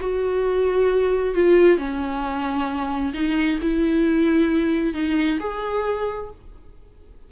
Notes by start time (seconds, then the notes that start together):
0.00 F#4
1.35 F4
1.78 C#4
3.14 D#4
3.61 E4
4.94 D#4
5.40 G#4